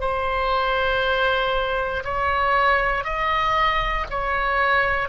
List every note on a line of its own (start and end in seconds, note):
0.00 2.03 C5
2.04 3.04 C#5
3.04 4.06 D#5
4.10 5.08 C#5